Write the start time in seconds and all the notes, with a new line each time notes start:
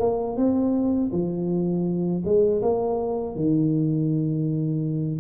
0.00 A#3
0.37 C4
1.12 F3
2.25 G#3
2.62 A#3
3.36 D#3